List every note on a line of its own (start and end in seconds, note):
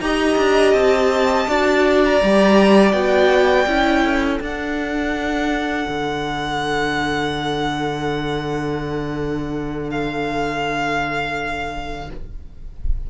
0.00 0.37 D#4
0.00 1.47 G4
0.00 1.49 D#5
0.00 0.73 A#5
0.37 0.73 D4
0.73 1.46 C4
0.73 2.01 A5
1.47 2.21 D4
1.47 2.21 F#4
1.47 4.03 D5
2.05 2.92 A#5
2.23 2.93 G3
2.23 2.93 G4
2.92 3.66 B3
2.92 3.66 F#4
2.92 4.38 G5
3.66 4.40 C#4
3.66 4.41 E4
4.03 12.08 A4
4.40 5.87 D4
4.40 12.09 D4
4.40 9.90 F#5
5.88 12.10 D3
9.90 12.10 F5